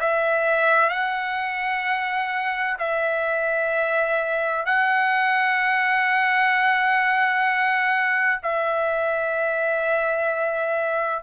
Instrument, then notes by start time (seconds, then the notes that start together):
trumpet
0.00 E5
0.89 F#5
2.78 E5
4.65 F#5
8.42 E5